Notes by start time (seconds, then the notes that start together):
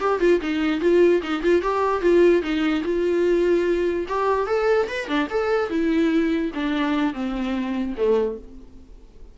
0.00 G4
0.20 F4
0.41 D#4
0.80 F4
1.22 D#4
1.43 F4
1.62 G4
2.01 F4
2.42 D#4
2.84 F4
4.08 G4
4.47 A4
4.88 B4
5.08 D4
5.30 A4
5.70 E4
6.54 D4
7.13 C4
7.97 A3